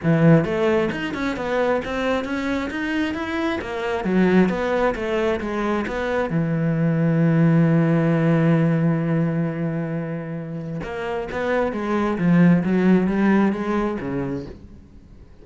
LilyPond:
\new Staff \with { instrumentName = "cello" } { \time 4/4 \tempo 4 = 133 e4 a4 dis'8 cis'8 b4 | c'4 cis'4 dis'4 e'4 | ais4 fis4 b4 a4 | gis4 b4 e2~ |
e1~ | e1 | ais4 b4 gis4 f4 | fis4 g4 gis4 cis4 | }